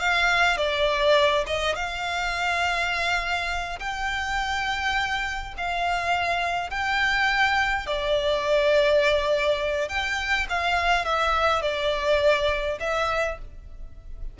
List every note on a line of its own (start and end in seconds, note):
0.00 0.57 F5
0.57 1.45 D5
1.47 1.75 D#5
1.75 3.79 F5
3.79 5.54 G5
5.57 6.70 F5
6.70 7.87 G5
7.87 9.88 D5
9.88 10.47 G5
10.50 11.05 F5
11.05 11.62 E5
11.62 12.78 D5
12.80 13.38 E5